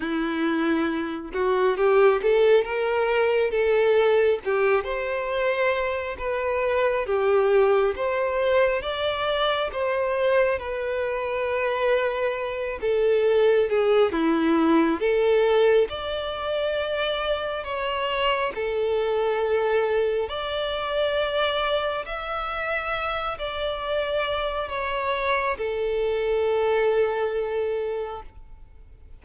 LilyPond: \new Staff \with { instrumentName = "violin" } { \time 4/4 \tempo 4 = 68 e'4. fis'8 g'8 a'8 ais'4 | a'4 g'8 c''4. b'4 | g'4 c''4 d''4 c''4 | b'2~ b'8 a'4 gis'8 |
e'4 a'4 d''2 | cis''4 a'2 d''4~ | d''4 e''4. d''4. | cis''4 a'2. | }